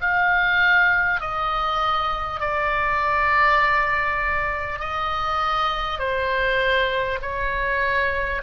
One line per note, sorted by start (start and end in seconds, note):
0.00 1.20 F5
1.20 2.40 D#5
2.40 4.79 D5
4.79 5.99 D#5
5.99 7.19 C5
7.22 8.42 C#5